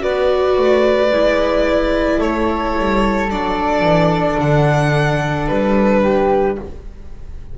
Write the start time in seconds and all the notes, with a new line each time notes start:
0.00 B3 F#4 B4 D5
0.57 A3
1.12 G#3 E4
2.20 A3 A4 C#5
2.79 G3
3.30 F#3 D4 D5
3.82 E3
4.40 D3 F#5
5.48 G3 B4
6.02 G4